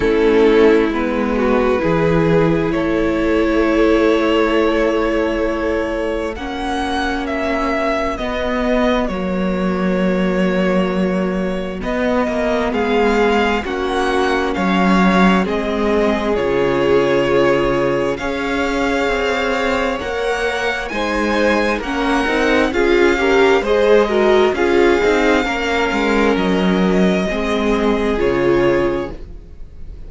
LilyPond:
<<
  \new Staff \with { instrumentName = "violin" } { \time 4/4 \tempo 4 = 66 a'4 b'2 cis''4~ | cis''2. fis''4 | e''4 dis''4 cis''2~ | cis''4 dis''4 f''4 fis''4 |
f''4 dis''4 cis''2 | f''2 fis''4 gis''4 | fis''4 f''4 dis''4 f''4~ | f''4 dis''2 cis''4 | }
  \new Staff \with { instrumentName = "violin" } { \time 4/4 e'4. fis'8 gis'4 a'4~ | a'2. fis'4~ | fis'1~ | fis'2 gis'4 fis'4 |
cis''4 gis'2. | cis''2. c''4 | ais'4 gis'8 ais'8 c''8 ais'8 gis'4 | ais'2 gis'2 | }
  \new Staff \with { instrumentName = "viola" } { \time 4/4 cis'4 b4 e'2~ | e'2. cis'4~ | cis'4 b4 ais2~ | ais4 b2 cis'4~ |
cis'4 c'4 f'2 | gis'2 ais'4 dis'4 | cis'8 dis'8 f'8 g'8 gis'8 fis'8 f'8 dis'8 | cis'2 c'4 f'4 | }
  \new Staff \with { instrumentName = "cello" } { \time 4/4 a4 gis4 e4 a4~ | a2. ais4~ | ais4 b4 fis2~ | fis4 b8 ais8 gis4 ais4 |
fis4 gis4 cis2 | cis'4 c'4 ais4 gis4 | ais8 c'8 cis'4 gis4 cis'8 c'8 | ais8 gis8 fis4 gis4 cis4 | }
>>